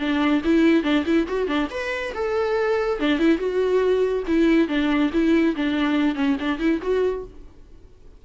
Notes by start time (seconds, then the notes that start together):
0.00 D4
0.45 E4
0.84 D4
1.06 E4
1.28 F#4
1.48 D4
1.71 B4
2.15 A4
3.00 D4
3.19 E4
3.39 F#4
4.28 E4
4.69 D4
5.13 E4
5.56 D4
6.16 C#4
6.40 D4
6.59 E4
6.82 F#4